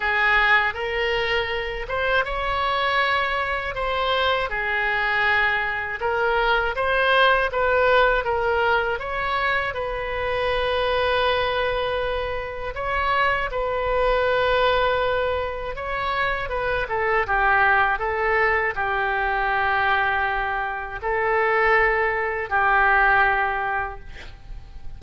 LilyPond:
\new Staff \with { instrumentName = "oboe" } { \time 4/4 \tempo 4 = 80 gis'4 ais'4. c''8 cis''4~ | cis''4 c''4 gis'2 | ais'4 c''4 b'4 ais'4 | cis''4 b'2.~ |
b'4 cis''4 b'2~ | b'4 cis''4 b'8 a'8 g'4 | a'4 g'2. | a'2 g'2 | }